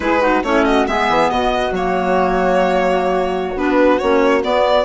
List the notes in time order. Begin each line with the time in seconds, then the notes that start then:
0.00 G#3 E4 G#4 B4
0.20 D#4 F#4
0.43 A3 C#4 E4 C#5
0.64 F#4 D#5
0.87 G#3 B3 G#4 E5
1.09 E3
1.30 B2 F#4 D#5
1.71 F#3 A#3 C#5
3.56 B3 D4 B4
3.98 A#3 C#4 C#5
4.41 B3 D5